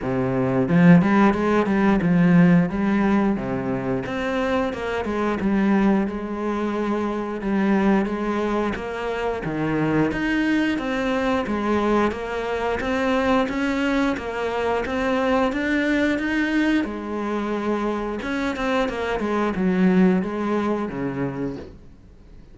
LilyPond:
\new Staff \with { instrumentName = "cello" } { \time 4/4 \tempo 4 = 89 c4 f8 g8 gis8 g8 f4 | g4 c4 c'4 ais8 gis8 | g4 gis2 g4 | gis4 ais4 dis4 dis'4 |
c'4 gis4 ais4 c'4 | cis'4 ais4 c'4 d'4 | dis'4 gis2 cis'8 c'8 | ais8 gis8 fis4 gis4 cis4 | }